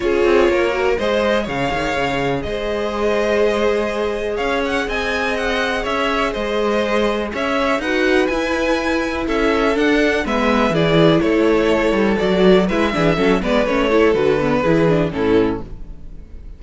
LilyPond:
<<
  \new Staff \with { instrumentName = "violin" } { \time 4/4 \tempo 4 = 123 cis''2 dis''4 f''4~ | f''4 dis''2.~ | dis''4 f''8 fis''8 gis''4 fis''4 | e''4 dis''2 e''4 |
fis''4 gis''2 e''4 | fis''4 e''4 d''4 cis''4~ | cis''4 d''4 e''4. d''8 | cis''4 b'2 a'4 | }
  \new Staff \with { instrumentName = "violin" } { \time 4/4 gis'4 ais'4 c''4 cis''4~ | cis''4 c''2.~ | c''4 cis''4 dis''2 | cis''4 c''2 cis''4 |
b'2. a'4~ | a'4 b'4 gis'4 a'4~ | a'2 b'8 gis'8 a'8 b'8~ | b'8 a'4. gis'4 e'4 | }
  \new Staff \with { instrumentName = "viola" } { \time 4/4 f'4. fis'8 gis'2~ | gis'1~ | gis'1~ | gis'1 |
fis'4 e'2. | d'4 b4 e'2~ | e'4 fis'4 e'8 d'8 cis'8 b8 | cis'8 e'8 fis'8 b8 e'8 d'8 cis'4 | }
  \new Staff \with { instrumentName = "cello" } { \time 4/4 cis'8 c'8 ais4 gis4 cis8 dis8 | cis4 gis2.~ | gis4 cis'4 c'2 | cis'4 gis2 cis'4 |
dis'4 e'2 cis'4 | d'4 gis4 e4 a4~ | a8 g8 fis4 gis8 e8 fis8 gis8 | a4 d4 e4 a,4 | }
>>